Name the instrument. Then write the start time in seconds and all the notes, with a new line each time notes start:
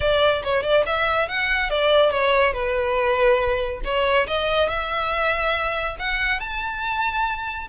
violin
0.00 D5
0.43 C#5
0.63 D5
0.85 E5
1.28 F#5
1.69 D5
2.10 C#5
2.53 B4
3.84 C#5
4.27 D#5
4.68 E5
5.99 F#5
6.40 A5